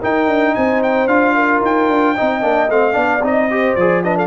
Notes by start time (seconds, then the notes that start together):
0.00 D#4 A#4 G5
0.28 D4
0.54 C4 C5 G#5
0.83 G5
1.07 D4 F4 F5
1.35 A#4
1.62 D#4 G5
1.88 D4
2.15 C4 D#4 D#5
2.41 A#3 D4
2.69 A3 C4 F5
2.92 B3 D4 D5
3.22 C4 D#4 D#5
3.50 G4 C5
3.75 F3 G#4 D5
4.03 D4 B4 D#5
4.16 A4 F5